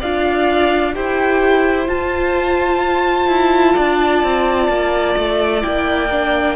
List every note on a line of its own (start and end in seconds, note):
0.00 0.96 D4
0.00 0.94 F4
0.00 0.94 D5
0.00 0.95 F5
0.94 1.89 E4
0.94 1.87 G4
0.94 3.75 C5
0.94 1.89 G5
1.87 5.61 F4
1.87 3.29 F4
1.87 5.62 A5
3.29 3.75 E4
3.75 4.24 D4
3.75 6.56 D5
4.24 4.69 C4
4.69 5.15 A#3
5.17 5.63 A3
5.61 6.57 A#3
5.61 6.08 E4
5.61 6.56 G5
6.11 6.57 D4